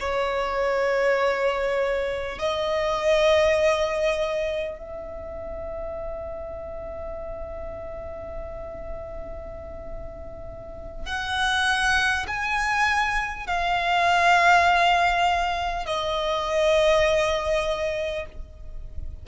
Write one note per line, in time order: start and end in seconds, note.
0.00 2.39 C#5
2.39 4.79 D#5
4.79 11.06 E5
11.06 12.26 F#5
12.28 13.47 G#5
13.47 15.86 F5
15.86 18.26 D#5